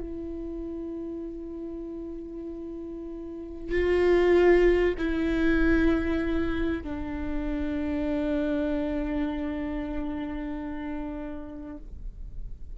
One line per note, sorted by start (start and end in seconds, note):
0.00 3.71 E4
3.71 4.95 F4
4.98 6.83 E4
6.83 11.78 D4